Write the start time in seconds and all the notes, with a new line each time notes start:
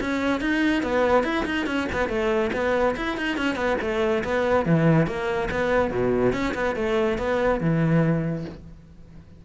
0.00 C#4
0.41 D#4
0.83 B3
1.23 E4
1.45 D#4
1.66 C#4
1.92 B3
2.08 A3
2.53 B3
2.96 E4
3.17 D#4
3.37 C#4
3.55 B3
3.81 A3
4.24 B3
4.65 E3
5.06 A#3
5.51 B3
5.91 B2
6.33 C#4
6.54 B3
6.75 A3
7.18 B3
7.60 E3